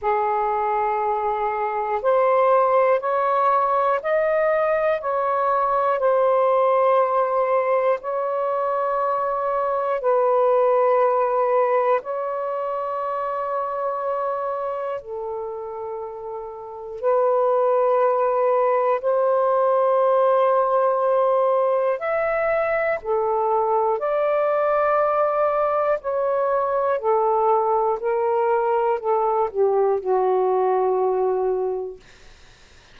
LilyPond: \new Staff \with { instrumentName = "saxophone" } { \time 4/4 \tempo 4 = 60 gis'2 c''4 cis''4 | dis''4 cis''4 c''2 | cis''2 b'2 | cis''2. a'4~ |
a'4 b'2 c''4~ | c''2 e''4 a'4 | d''2 cis''4 a'4 | ais'4 a'8 g'8 fis'2 | }